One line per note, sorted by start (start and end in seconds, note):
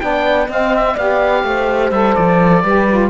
0.00 0.48 B3
0.00 0.49 D4
0.00 0.48 D5
0.00 0.48 G5
0.48 0.96 C4
0.48 0.94 D#5
0.48 0.76 F5
0.76 0.97 E5
0.94 1.44 B3
0.94 1.93 G4
0.94 1.42 D5
0.94 1.91 F5
1.44 1.91 A3
1.44 2.64 C5
1.91 2.15 G3
1.91 2.64 A4
1.91 2.15 E5
2.15 2.64 F3
2.15 3.10 D5
2.64 3.10 G3
2.64 2.89 G4
2.64 3.10 B4
2.89 3.10 F4